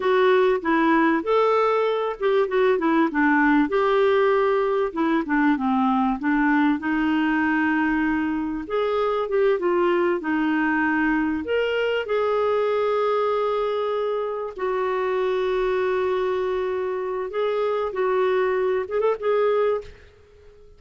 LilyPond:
\new Staff \with { instrumentName = "clarinet" } { \time 4/4 \tempo 4 = 97 fis'4 e'4 a'4. g'8 | fis'8 e'8 d'4 g'2 | e'8 d'8 c'4 d'4 dis'4~ | dis'2 gis'4 g'8 f'8~ |
f'8 dis'2 ais'4 gis'8~ | gis'2.~ gis'8 fis'8~ | fis'1 | gis'4 fis'4. gis'16 a'16 gis'4 | }